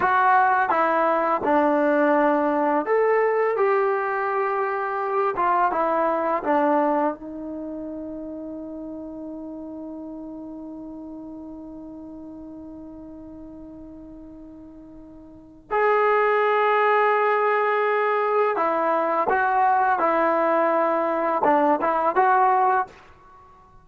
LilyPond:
\new Staff \with { instrumentName = "trombone" } { \time 4/4 \tempo 4 = 84 fis'4 e'4 d'2 | a'4 g'2~ g'8 f'8 | e'4 d'4 dis'2~ | dis'1~ |
dis'1~ | dis'2 gis'2~ | gis'2 e'4 fis'4 | e'2 d'8 e'8 fis'4 | }